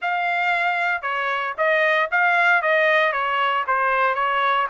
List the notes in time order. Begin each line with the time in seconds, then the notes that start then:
0.01 F5
1.02 C#5
1.57 D#5
2.11 F5
2.62 D#5
3.12 C#5
3.67 C5
4.15 C#5